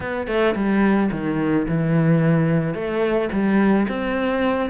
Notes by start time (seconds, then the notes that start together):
0.00 B3
0.27 A3
0.55 G3
1.11 D#3
1.68 E3
2.74 A3
3.32 G3
3.88 C4